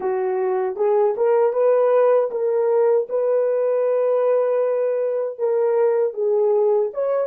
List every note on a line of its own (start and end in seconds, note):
0.00 0.76 F#4
0.76 1.14 G#4
1.16 1.52 A#4
1.52 2.29 B4
2.30 3.07 A#4
3.09 5.38 B4
5.38 6.13 A#4
6.13 6.90 G#4
6.93 7.27 C#5